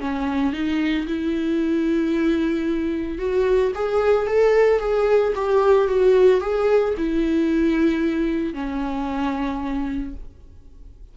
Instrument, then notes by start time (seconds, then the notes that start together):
viola
0.00 C#4
0.53 D#4
1.06 E4
3.18 F#4
3.75 G#4
4.27 A4
4.79 G#4
5.35 G4
5.88 F#4
6.40 G#4
6.97 E4
8.53 C#4